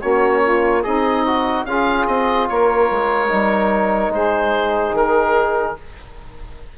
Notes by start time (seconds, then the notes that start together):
0.00 A#3 C#4 F#4 C#5
0.42 F4
0.82 C4 D#4 G#4 D#5
1.26 F#4
1.65 C#4 F4 G#4 F5
2.07 C4 D#5
2.48 A#3 A#4 C#5
2.90 G#3
3.27 G3 D#4
4.08 G#3 G#4 C5
4.93 D#3 A#4